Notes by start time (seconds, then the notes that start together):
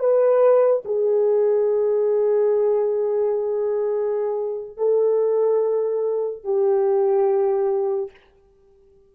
0.00 B4
0.86 G#4
4.78 A4
6.44 G4